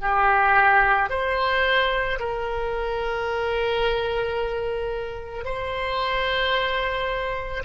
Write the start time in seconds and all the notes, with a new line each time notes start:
0.00 G4
1.09 C5
2.19 A#4
5.44 C5